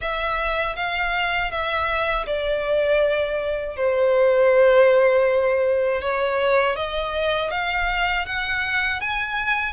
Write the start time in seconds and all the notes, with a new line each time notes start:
0.01 E5
0.76 F5
1.51 E5
2.26 D5
3.76 C5
6.01 C#5
6.76 D#5
7.50 F5
8.25 F#5
9.00 G#5